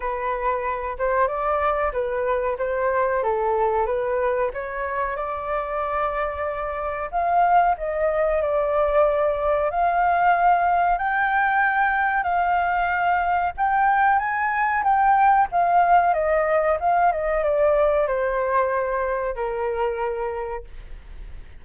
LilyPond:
\new Staff \with { instrumentName = "flute" } { \time 4/4 \tempo 4 = 93 b'4. c''8 d''4 b'4 | c''4 a'4 b'4 cis''4 | d''2. f''4 | dis''4 d''2 f''4~ |
f''4 g''2 f''4~ | f''4 g''4 gis''4 g''4 | f''4 dis''4 f''8 dis''8 d''4 | c''2 ais'2 | }